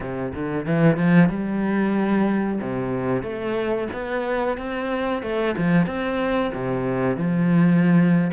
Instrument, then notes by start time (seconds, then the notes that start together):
cello
0.00 C3
0.34 D3
0.65 E3
0.96 F3
1.29 G3
2.61 C3
3.23 A3
3.92 B3
4.57 C4
5.22 A3
5.57 F3
5.86 C4
6.54 C3
7.17 F3